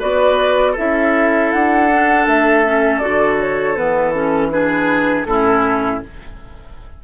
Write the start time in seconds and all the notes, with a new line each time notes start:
0.00 B3 F#4 B4 D5
0.73 E4 A4 E5
0.79 C#4
1.52 D4 F#5
1.93 D4
2.27 A3 E5
2.66 C#4
2.99 D3 F#4 D5
3.40 C#5
3.76 E3 B3 B4
4.13 C#4 A4
4.52 D4 G#4 B4
5.25 A2 C#4 E4 A4